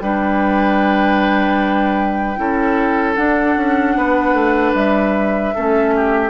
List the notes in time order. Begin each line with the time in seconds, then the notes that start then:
0.00 G3 D4 B4 G5
2.37 C#4 E4 A4
3.15 D4 F#5
3.56 C#4
3.96 B3 B4
4.33 A3
4.74 G3 E5
5.55 A3 C#4 A4
5.96 G4